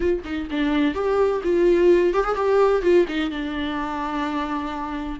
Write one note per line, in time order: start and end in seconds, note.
0.00 0.21 F4
0.24 0.48 D#4
0.50 0.94 D4
0.94 1.41 G4
1.43 2.13 F4
2.13 2.24 G4
2.24 2.35 G#4
2.35 2.82 G4
2.82 3.05 F4
3.08 3.30 D#4
3.30 5.19 D4